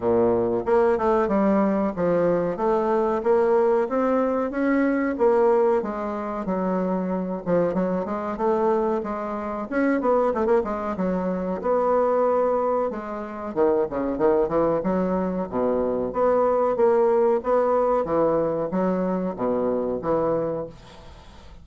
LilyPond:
\new Staff \with { instrumentName = "bassoon" } { \time 4/4 \tempo 4 = 93 ais,4 ais8 a8 g4 f4 | a4 ais4 c'4 cis'4 | ais4 gis4 fis4. f8 | fis8 gis8 a4 gis4 cis'8 b8 |
a16 ais16 gis8 fis4 b2 | gis4 dis8 cis8 dis8 e8 fis4 | b,4 b4 ais4 b4 | e4 fis4 b,4 e4 | }